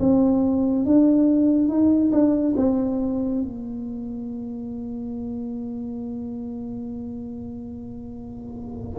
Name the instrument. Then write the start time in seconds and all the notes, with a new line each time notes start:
tuba
0.00 C4
0.85 D4
1.69 D#4
2.12 D4
2.57 C4
3.42 A#3